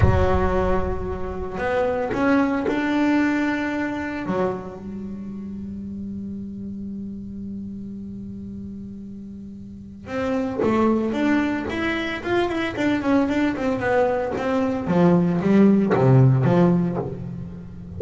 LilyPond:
\new Staff \with { instrumentName = "double bass" } { \time 4/4 \tempo 4 = 113 fis2. b4 | cis'4 d'2. | fis4 g2.~ | g1~ |
g2. c'4 | a4 d'4 e'4 f'8 e'8 | d'8 cis'8 d'8 c'8 b4 c'4 | f4 g4 c4 f4 | }